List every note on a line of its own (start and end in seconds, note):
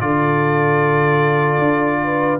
0.00 1.58 D3
0.00 2.39 F4
0.00 2.01 A4
0.00 2.39 D5
1.58 2.38 D4
2.03 2.39 B4